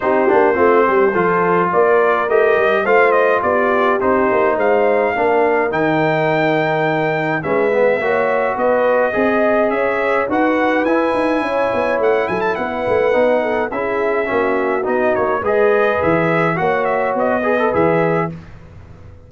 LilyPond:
<<
  \new Staff \with { instrumentName = "trumpet" } { \time 4/4 \tempo 4 = 105 c''2. d''4 | dis''4 f''8 dis''8 d''4 c''4 | f''2 g''2~ | g''4 e''2 dis''4~ |
dis''4 e''4 fis''4 gis''4~ | gis''4 fis''8 gis''16 a''16 fis''2 | e''2 dis''8 cis''8 dis''4 | e''4 fis''8 e''8 dis''4 e''4 | }
  \new Staff \with { instrumentName = "horn" } { \time 4/4 g'4 f'8 g'8 a'4 ais'4~ | ais'4 c''4 g'2 | c''4 ais'2.~ | ais'4 b'4 cis''4 b'4 |
dis''4 cis''4 b'2 | cis''4. a'8 b'4. a'8 | gis'4 fis'2 b'4~ | b'4 cis''4. b'4. | }
  \new Staff \with { instrumentName = "trombone" } { \time 4/4 dis'8 d'8 c'4 f'2 | g'4 f'2 dis'4~ | dis'4 d'4 dis'2~ | dis'4 cis'8 b8 fis'2 |
gis'2 fis'4 e'4~ | e'2. dis'4 | e'4 cis'4 dis'4 gis'4~ | gis'4 fis'4. gis'16 a'16 gis'4 | }
  \new Staff \with { instrumentName = "tuba" } { \time 4/4 c'8 ais8 a8 g8 f4 ais4 | a8 g8 a4 b4 c'8 ais8 | gis4 ais4 dis2~ | dis4 gis4 ais4 b4 |
c'4 cis'4 dis'4 e'8 dis'8 | cis'8 b8 a8 fis8 b8 a8 b4 | cis'4 ais4 b8 ais8 gis4 | e4 ais4 b4 e4 | }
>>